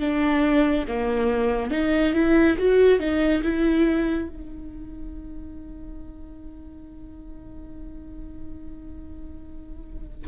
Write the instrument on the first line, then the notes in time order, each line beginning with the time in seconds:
viola
0.00 D4
0.88 A#3
1.71 D#4
2.14 E4
2.58 F#4
3.00 D#4
3.43 E4
4.29 D#4